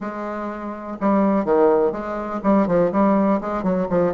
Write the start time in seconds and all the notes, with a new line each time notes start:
0.00 G#3
1.00 G3
1.45 D#3
1.92 G#3
2.43 G3
2.67 F3
2.92 G3
3.40 G#3
3.63 F#3
3.89 F3